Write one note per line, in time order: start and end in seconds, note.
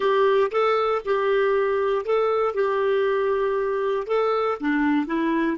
0.00 0.51 G4
0.51 1.01 A4
1.05 2.05 G4
2.05 2.54 A4
2.54 4.07 G4
4.07 4.57 A4
4.60 5.06 D4
5.06 5.57 E4